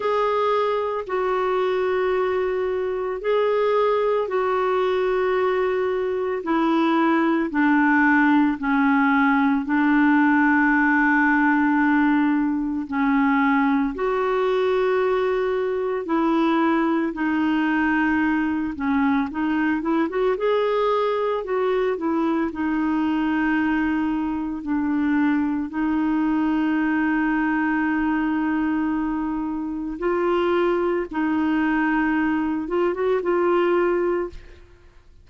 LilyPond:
\new Staff \with { instrumentName = "clarinet" } { \time 4/4 \tempo 4 = 56 gis'4 fis'2 gis'4 | fis'2 e'4 d'4 | cis'4 d'2. | cis'4 fis'2 e'4 |
dis'4. cis'8 dis'8 e'16 fis'16 gis'4 | fis'8 e'8 dis'2 d'4 | dis'1 | f'4 dis'4. f'16 fis'16 f'4 | }